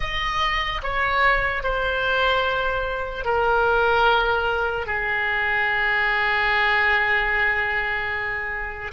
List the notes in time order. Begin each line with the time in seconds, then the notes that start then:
0.00 D#5
0.83 C#5
1.63 C5
3.24 A#4
4.86 G#4